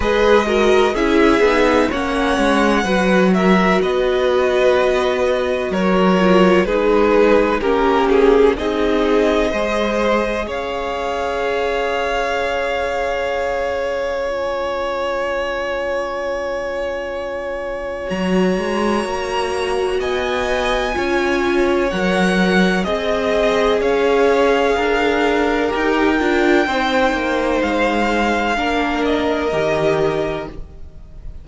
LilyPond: <<
  \new Staff \with { instrumentName = "violin" } { \time 4/4 \tempo 4 = 63 dis''4 e''4 fis''4. e''8 | dis''2 cis''4 b'4 | ais'8 gis'8 dis''2 f''4~ | f''2. gis''4~ |
gis''2. ais''4~ | ais''4 gis''2 fis''4 | dis''4 f''2 g''4~ | g''4 f''4. dis''4. | }
  \new Staff \with { instrumentName = "violin" } { \time 4/4 b'8 ais'8 gis'4 cis''4 b'8 ais'8 | b'2 ais'4 gis'4 | g'4 gis'4 c''4 cis''4~ | cis''1~ |
cis''1~ | cis''4 dis''4 cis''2 | dis''4 cis''4 ais'2 | c''2 ais'2 | }
  \new Staff \with { instrumentName = "viola" } { \time 4/4 gis'8 fis'8 e'8 dis'8 cis'4 fis'4~ | fis'2~ fis'8 f'8 dis'4 | cis'4 dis'4 gis'2~ | gis'2. f'4~ |
f'2. fis'4~ | fis'2 f'4 ais'4 | gis'2. g'8 f'8 | dis'2 d'4 g'4 | }
  \new Staff \with { instrumentName = "cello" } { \time 4/4 gis4 cis'8 b8 ais8 gis8 fis4 | b2 fis4 gis4 | ais4 c'4 gis4 cis'4~ | cis'1~ |
cis'2. fis8 gis8 | ais4 b4 cis'4 fis4 | c'4 cis'4 d'4 dis'8 d'8 | c'8 ais8 gis4 ais4 dis4 | }
>>